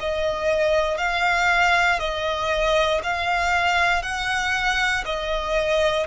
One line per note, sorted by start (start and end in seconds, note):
0.00 0.98 D#5
0.98 1.99 F5
1.99 3.01 D#5
3.03 4.03 F5
4.03 5.04 F#5
5.05 6.07 D#5